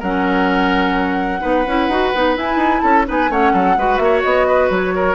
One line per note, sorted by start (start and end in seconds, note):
0.00 1.43 F#3
0.00 1.41 C#4
0.00 1.41 A#4
0.00 2.37 F#5
1.41 1.66 B3
1.41 1.64 D#4
1.41 2.82 B4
1.67 1.88 C#4
1.67 1.91 E4
1.88 2.12 D#4
1.88 2.14 F#4
2.15 2.37 B3
2.15 2.36 D#4
2.36 3.06 E4
2.36 2.56 E4
2.36 2.80 G#5
2.56 2.80 D#4
2.80 3.08 C#4
2.80 3.06 A4
2.80 3.04 A5
3.06 3.30 B3
3.06 3.29 D#4
3.06 3.31 B4
3.06 3.32 G#5
3.30 3.53 A3
3.30 3.76 C#4
3.30 3.53 C#5
3.30 3.98 F#5
3.53 3.77 F#3
3.53 3.76 A4
3.77 3.99 G#3
3.77 5.15 F#4
3.77 4.02 B4
3.98 4.23 A#3
3.98 4.21 E5
4.04 4.47 C#5
4.23 4.70 B3
4.23 4.70 D#5
4.47 4.94 B4
4.70 5.15 F#3
4.70 5.15 C#5
4.96 5.15 A#4